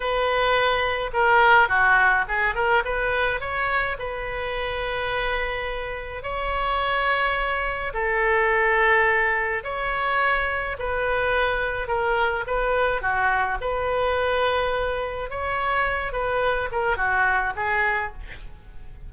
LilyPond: \new Staff \with { instrumentName = "oboe" } { \time 4/4 \tempo 4 = 106 b'2 ais'4 fis'4 | gis'8 ais'8 b'4 cis''4 b'4~ | b'2. cis''4~ | cis''2 a'2~ |
a'4 cis''2 b'4~ | b'4 ais'4 b'4 fis'4 | b'2. cis''4~ | cis''8 b'4 ais'8 fis'4 gis'4 | }